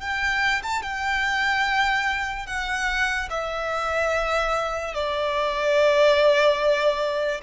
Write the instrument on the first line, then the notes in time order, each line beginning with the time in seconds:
violin
0.00 G5
0.62 A5
0.82 G5
2.46 F#5
3.30 E5
4.94 D5